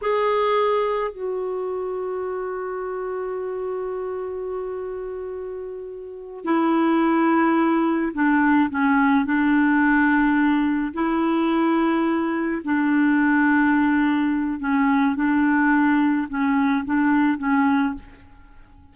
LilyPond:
\new Staff \with { instrumentName = "clarinet" } { \time 4/4 \tempo 4 = 107 gis'2 fis'2~ | fis'1~ | fis'2.~ fis'8 e'8~ | e'2~ e'8 d'4 cis'8~ |
cis'8 d'2. e'8~ | e'2~ e'8 d'4.~ | d'2 cis'4 d'4~ | d'4 cis'4 d'4 cis'4 | }